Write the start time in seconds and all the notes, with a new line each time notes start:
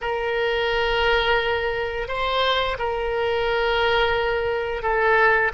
0.01 A#4
2.08 C5
2.78 A#4
4.82 A4